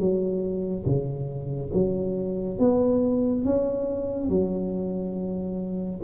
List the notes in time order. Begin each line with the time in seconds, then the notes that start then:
0.00 F#3
0.86 C#3
1.73 F#3
2.59 B3
3.45 C#4
4.29 F#3